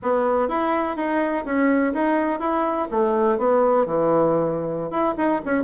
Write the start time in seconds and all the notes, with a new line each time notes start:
0.02 B3
0.48 E4
0.96 D#4
1.45 C#4
1.93 D#4
2.39 E4
2.90 A3
3.38 B3
3.86 E3
4.90 E4
5.17 D#4
5.45 C#4